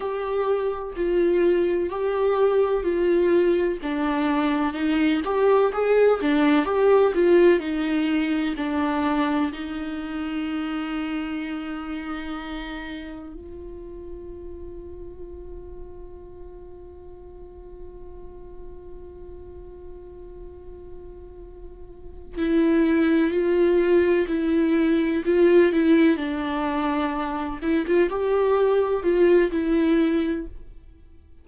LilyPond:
\new Staff \with { instrumentName = "viola" } { \time 4/4 \tempo 4 = 63 g'4 f'4 g'4 f'4 | d'4 dis'8 g'8 gis'8 d'8 g'8 f'8 | dis'4 d'4 dis'2~ | dis'2 f'2~ |
f'1~ | f'2.~ f'8 e'8~ | e'8 f'4 e'4 f'8 e'8 d'8~ | d'4 e'16 f'16 g'4 f'8 e'4 | }